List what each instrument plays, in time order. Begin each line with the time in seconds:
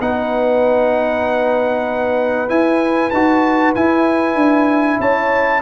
0.00 tuba B3, trombone D#4, horn B4, trumpet F#5
2.48 trombone E4, tuba E4, trumpet G#5
3.10 tuba D#4, trombone F#4, trumpet A5
3.75 tuba E4, trombone E4, trumpet G#5
4.35 tuba D4
5.00 tuba C#4, horn C#5, trumpet A5